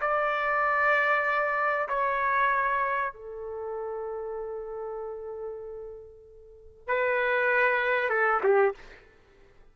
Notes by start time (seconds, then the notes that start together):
0.00 D5
1.88 C#5
3.13 A4
6.87 B4
8.09 A4
8.43 G4